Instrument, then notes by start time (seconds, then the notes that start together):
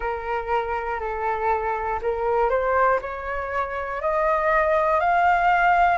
flute
0.00 A#4
1.00 A4
2.02 A#4
2.49 C5
3.01 C#5
4.01 D#5
5.00 F5